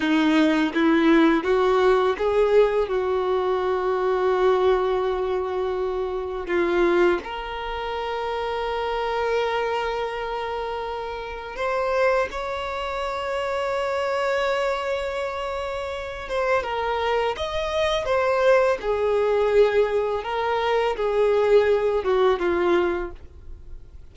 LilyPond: \new Staff \with { instrumentName = "violin" } { \time 4/4 \tempo 4 = 83 dis'4 e'4 fis'4 gis'4 | fis'1~ | fis'4 f'4 ais'2~ | ais'1 |
c''4 cis''2.~ | cis''2~ cis''8 c''8 ais'4 | dis''4 c''4 gis'2 | ais'4 gis'4. fis'8 f'4 | }